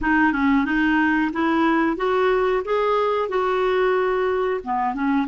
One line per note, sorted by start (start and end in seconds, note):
0.01 0.32 D#4
0.32 0.65 C#4
0.65 1.31 D#4
1.32 1.96 E4
1.96 2.62 F#4
2.64 3.28 G#4
3.28 4.60 F#4
4.63 4.94 B3
4.94 5.27 C#4